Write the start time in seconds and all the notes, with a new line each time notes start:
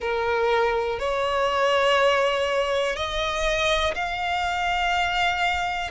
0.00 A#4
0.99 C#5
2.96 D#5
3.94 F5